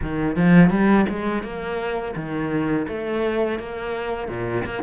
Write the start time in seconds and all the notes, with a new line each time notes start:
0.02 D#3
0.35 F3
0.69 G3
1.09 G#3
1.43 A#3
2.15 D#3
2.88 A3
3.59 A#3
4.28 A#2
4.65 A#3